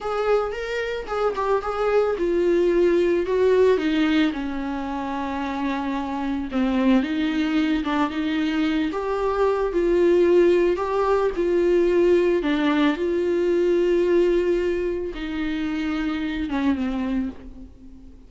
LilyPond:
\new Staff \with { instrumentName = "viola" } { \time 4/4 \tempo 4 = 111 gis'4 ais'4 gis'8 g'8 gis'4 | f'2 fis'4 dis'4 | cis'1 | c'4 dis'4. d'8 dis'4~ |
dis'8 g'4. f'2 | g'4 f'2 d'4 | f'1 | dis'2~ dis'8 cis'8 c'4 | }